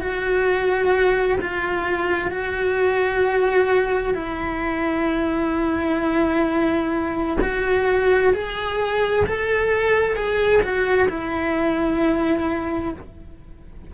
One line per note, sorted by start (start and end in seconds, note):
0.00 1.38 F#4
1.41 2.31 F4
2.31 4.14 F#4
4.14 7.37 E4
7.41 8.33 F#4
8.33 9.26 G#4
9.26 10.16 A4
10.16 10.62 G#4
10.62 11.08 F#4
11.09 12.93 E4